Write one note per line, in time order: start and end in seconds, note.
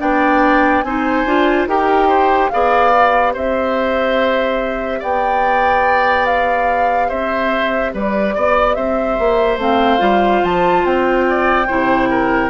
0.00 0.83 B3
0.00 0.83 D4
0.00 0.85 D5
0.00 0.82 G5
0.82 1.25 C4
0.82 1.27 D#4
0.82 1.69 C5
0.82 1.66 G#5
1.26 1.67 D4
1.26 1.69 F4
1.67 2.50 D#4
1.67 2.52 G4
1.67 2.09 A#4
1.67 2.50 G5
2.09 2.50 C5
2.50 3.36 B3
2.50 2.91 G#4
2.50 3.34 D5
2.50 3.33 F5
2.91 9.58 G4
3.34 5.02 C4
3.34 5.00 C5
3.34 5.02 E5
5.00 7.11 B3
5.00 7.08 D5
5.00 6.26 G5
6.26 7.10 F5
7.09 7.94 C4
7.09 7.92 C5
7.09 7.93 E5
7.94 8.36 G3
7.94 8.35 B4
7.94 8.74 D5
8.35 8.77 B3
8.35 8.76 D5
8.74 9.19 C4
8.74 11.26 C5
8.74 9.58 E5
9.19 9.58 A#3
9.58 10.00 A3
9.58 9.99 C4
9.58 10.45 F5
9.99 10.42 G3
9.99 11.66 F4
10.44 10.85 F3
10.44 10.86 A5
10.85 11.68 C4
10.85 12.51 G5
11.30 11.67 D5
11.67 12.51 C3
11.67 12.51 E4
11.67 12.09 C5
12.11 12.51 A#4